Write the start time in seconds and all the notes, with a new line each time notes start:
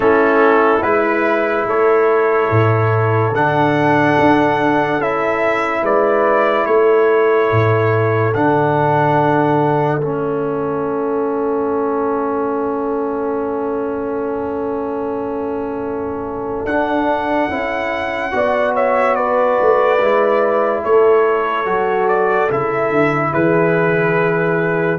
0.00 A3 C#4 E4 A4
0.82 G#3 E4 B4
1.66 A3 A4 C#5
2.50 A2
3.31 D3 D4 F#5
4.19 D4
4.98 C#4 E4 E5
5.82 G#3 B4 D5
6.66 A3 A4 C#5
7.51 A2
8.34 D3 D4 F#5
10.00 A3 C#4 E5
16.65 D4 F#5
17.49 C#4 E4
18.31 B3 F#4 D5
18.74 C#5 E5
19.15 B4 D5
19.61 A3
20.00 G#3 E4
20.83 A3 A4 C#5
21.65 F#3 F#4
22.08 D5
22.49 C#3 E4 E5
22.90 D3
23.32 E3 G#4 B4